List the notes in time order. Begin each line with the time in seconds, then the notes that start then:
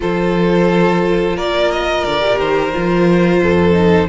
0.00 F3 F4 A4 C5
1.35 A#3 A#4 D5
1.71 D#5
2.04 D3 D5
2.19 A#2 G4
2.39 D#3 C5
2.73 F3 F4
3.42 F2 A4
3.72 D#4